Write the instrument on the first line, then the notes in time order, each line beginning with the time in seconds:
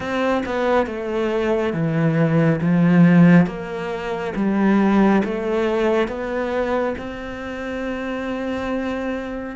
cello
0.00 C4
0.45 B3
0.86 A3
1.73 E3
2.61 F3
3.46 A#3
4.35 G3
5.24 A3
6.08 B3
6.98 C4